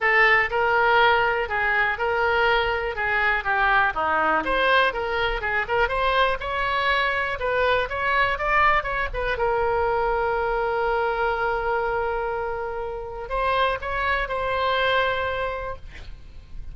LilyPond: \new Staff \with { instrumentName = "oboe" } { \time 4/4 \tempo 4 = 122 a'4 ais'2 gis'4 | ais'2 gis'4 g'4 | dis'4 c''4 ais'4 gis'8 ais'8 | c''4 cis''2 b'4 |
cis''4 d''4 cis''8 b'8 ais'4~ | ais'1~ | ais'2. c''4 | cis''4 c''2. | }